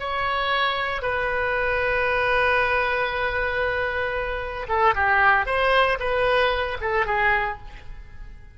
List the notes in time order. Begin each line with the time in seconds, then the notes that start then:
0.00 C#5
1.02 B4
4.69 A4
4.95 G4
5.46 C5
6.00 B4
6.81 A4
7.06 G#4